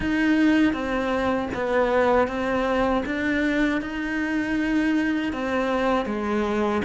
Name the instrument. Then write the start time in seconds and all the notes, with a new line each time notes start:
cello
0.00 D#4
0.72 C4
1.54 B3
2.28 C4
3.05 D4
3.81 D#4
5.32 C4
6.06 G#3